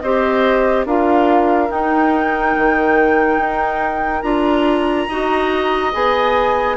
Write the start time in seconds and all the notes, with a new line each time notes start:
0.00 C4 G4 C5 D#5
0.86 D4 F4 A#4 F5
1.69 D#4 G5
2.57 D#3
3.39 D#4
4.23 D4 F4 A#5
5.09 D#4 F#4 D#5
5.93 B3 G#4 G#5